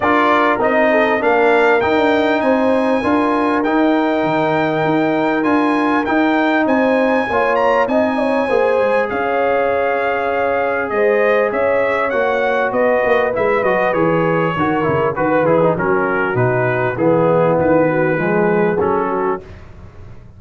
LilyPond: <<
  \new Staff \with { instrumentName = "trumpet" } { \time 4/4 \tempo 4 = 99 d''4 dis''4 f''4 g''4 | gis''2 g''2~ | g''4 gis''4 g''4 gis''4~ | gis''8 ais''8 gis''2 f''4~ |
f''2 dis''4 e''4 | fis''4 dis''4 e''8 dis''8 cis''4~ | cis''4 b'8 gis'8 ais'4 b'4 | gis'4 b'2 a'4 | }
  \new Staff \with { instrumentName = "horn" } { \time 4/4 ais'4. a'8 ais'2 | c''4 ais'2.~ | ais'2. c''4 | cis''4 dis''8 cis''8 c''4 cis''4~ |
cis''2 c''4 cis''4~ | cis''4 b'2. | ais'4 b'4 fis'2 | e'4. fis'8 gis'4. fis'8 | }
  \new Staff \with { instrumentName = "trombone" } { \time 4/4 f'4 dis'4 d'4 dis'4~ | dis'4 f'4 dis'2~ | dis'4 f'4 dis'2 | f'4 dis'4 gis'2~ |
gis'1 | fis'2 e'8 fis'8 gis'4 | fis'8 e'8 fis'8 e'16 dis'16 cis'4 dis'4 | b2 gis4 cis'4 | }
  \new Staff \with { instrumentName = "tuba" } { \time 4/4 d'4 c'4 ais4 dis'16 d'8. | c'4 d'4 dis'4 dis4 | dis'4 d'4 dis'4 c'4 | ais4 c'4 ais8 gis8 cis'4~ |
cis'2 gis4 cis'4 | ais4 b8 ais8 gis8 fis8 e4 | dis8 cis8 dis8 e8 fis4 b,4 | e4 dis4 f4 fis4 | }
>>